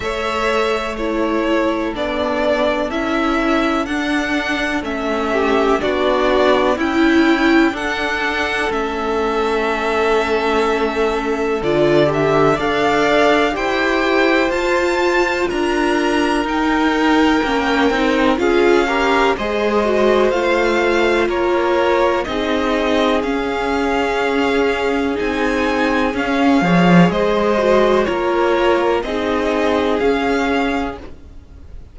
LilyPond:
<<
  \new Staff \with { instrumentName = "violin" } { \time 4/4 \tempo 4 = 62 e''4 cis''4 d''4 e''4 | fis''4 e''4 d''4 g''4 | fis''4 e''2. | d''8 e''8 f''4 g''4 a''4 |
ais''4 g''2 f''4 | dis''4 f''4 cis''4 dis''4 | f''2 gis''4 f''4 | dis''4 cis''4 dis''4 f''4 | }
  \new Staff \with { instrumentName = "violin" } { \time 4/4 cis''4 a'2.~ | a'4. g'8 fis'4 e'4 | a'1~ | a'4 d''4 c''2 |
ais'2. gis'8 ais'8 | c''2 ais'4 gis'4~ | gis'2.~ gis'8 cis''8 | c''4 ais'4 gis'2 | }
  \new Staff \with { instrumentName = "viola" } { \time 4/4 a'4 e'4 d'4 e'4 | d'4 cis'4 d'4 e'4 | d'4 cis'2. | f'8 g'8 a'4 g'4 f'4~ |
f'4 dis'4 cis'8 dis'8 f'8 g'8 | gis'8 fis'8 f'2 dis'4 | cis'2 dis'4 cis'8 gis'8~ | gis'8 fis'8 f'4 dis'4 cis'4 | }
  \new Staff \with { instrumentName = "cello" } { \time 4/4 a2 b4 cis'4 | d'4 a4 b4 cis'4 | d'4 a2. | d4 d'4 e'4 f'4 |
d'4 dis'4 ais8 c'8 cis'4 | gis4 a4 ais4 c'4 | cis'2 c'4 cis'8 f8 | gis4 ais4 c'4 cis'4 | }
>>